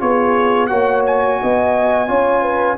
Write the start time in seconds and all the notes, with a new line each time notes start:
0.00 B3 F4 G#4 C#5
0.67 A#3 F#4 C#5 F#5
1.07 G#5
1.43 B3 D#5
2.08 C#4 F4 C#5
2.42 B4